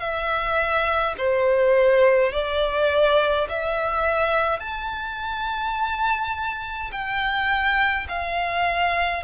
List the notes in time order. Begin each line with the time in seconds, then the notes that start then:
0.00 E5
1.18 C5
2.32 D5
3.49 E5
4.60 A5
6.92 G5
8.09 F5